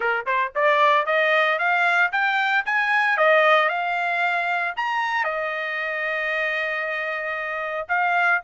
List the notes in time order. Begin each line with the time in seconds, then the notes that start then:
0.00 A#4
0.26 C5
0.55 D5
1.06 D#5
1.58 F5
2.12 G5
2.65 G#5
3.17 D#5
3.68 F5
4.76 A#5
5.24 D#5
7.88 F5